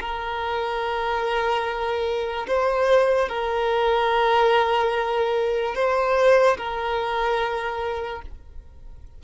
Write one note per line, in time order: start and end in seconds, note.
0.00 2.47 A#4
2.47 3.28 C5
3.28 5.75 A#4
5.75 6.57 C5
6.58 8.22 A#4